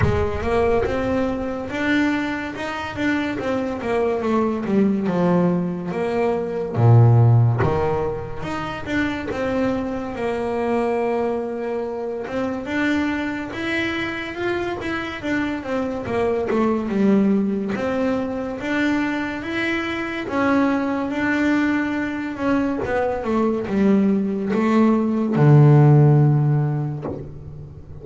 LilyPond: \new Staff \with { instrumentName = "double bass" } { \time 4/4 \tempo 4 = 71 gis8 ais8 c'4 d'4 dis'8 d'8 | c'8 ais8 a8 g8 f4 ais4 | ais,4 dis4 dis'8 d'8 c'4 | ais2~ ais8 c'8 d'4 |
e'4 f'8 e'8 d'8 c'8 ais8 a8 | g4 c'4 d'4 e'4 | cis'4 d'4. cis'8 b8 a8 | g4 a4 d2 | }